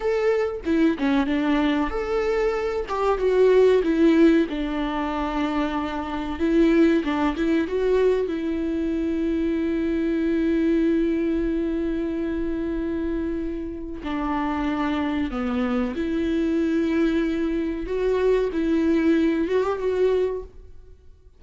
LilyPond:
\new Staff \with { instrumentName = "viola" } { \time 4/4 \tempo 4 = 94 a'4 e'8 cis'8 d'4 a'4~ | a'8 g'8 fis'4 e'4 d'4~ | d'2 e'4 d'8 e'8 | fis'4 e'2.~ |
e'1~ | e'2 d'2 | b4 e'2. | fis'4 e'4. fis'16 g'16 fis'4 | }